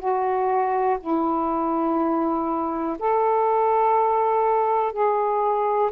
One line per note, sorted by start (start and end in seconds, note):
0.00 0.98 F#4
1.01 2.98 E4
3.00 4.93 A4
4.93 5.92 G#4